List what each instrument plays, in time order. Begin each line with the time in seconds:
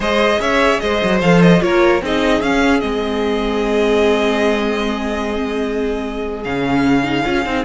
0.00 cello G#3, viola G#4, violin C5 D#5
0.39 cello C#4, violin C#5 E5
0.79 cello G#3, violin C5 D#5
1.03 cello F#3
1.21 cello F3, viola A4, violin F5
1.41 violin D#5
1.60 cello A#3, viola F4, violin A#4 C#5
2.02 cello C4, viola D#4, violin G#4 D#5
2.41 cello C#4, viola C#4, violin F5
2.80 cello G#3, viola C4, violin D#5
6.44 cello C#3, viola C#4, violin F5
7.03 viola D#4
7.24 cello C#4, viola F4
7.45 cello C4, viola D#4